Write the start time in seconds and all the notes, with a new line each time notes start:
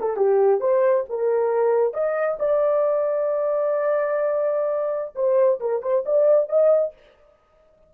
0.00 A4
0.16 G4
0.60 C5
1.09 A#4
1.94 D#5
2.39 D5
5.15 C5
5.60 A#4
5.82 C5
6.06 D5
6.49 D#5